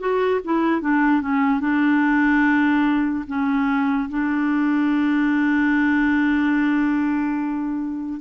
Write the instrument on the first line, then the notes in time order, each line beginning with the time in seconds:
clarinet
0.00 F#4
0.45 E4
0.81 D4
1.22 C#4
1.61 D4
3.27 C#4
4.10 D4